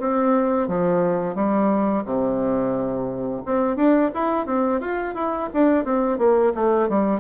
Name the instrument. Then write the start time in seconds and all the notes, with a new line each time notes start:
bassoon
0.00 C4
0.68 F3
1.35 G3
2.05 C3
3.46 C4
3.76 D4
4.15 E4
4.46 C4
4.81 F4
5.15 E4
5.54 D4
5.85 C4
6.19 A#3
6.55 A3
6.89 G3